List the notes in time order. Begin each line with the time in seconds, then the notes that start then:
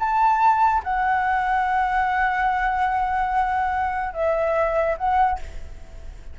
0.00 A5
0.84 F#5
4.14 E5
4.98 F#5